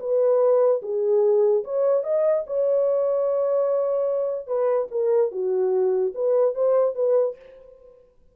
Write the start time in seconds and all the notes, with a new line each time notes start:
0.00 B4
0.83 G#4
1.64 C#5
2.04 D#5
2.47 C#5
4.47 B4
4.91 A#4
5.32 F#4
6.15 B4
6.55 C5
6.95 B4